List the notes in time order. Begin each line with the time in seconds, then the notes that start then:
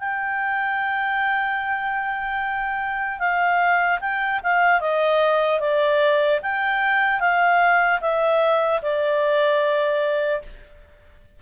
0.00 G5
3.20 F5
4.01 G5
4.44 F5
4.81 D#5
5.60 D5
6.43 G5
7.20 F5
8.01 E5
8.82 D5